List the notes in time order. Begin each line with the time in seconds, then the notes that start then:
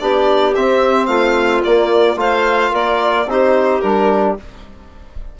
0.00 B3 D4 G4 D5
0.56 C4 E5
1.07 A3 F4 F5
1.64 A#3 D5
2.17 A3 F4 C5 F5
2.72 A#3 A#4 D5
3.27 C4 D#4 G4 C5
3.81 G3 D4 A#4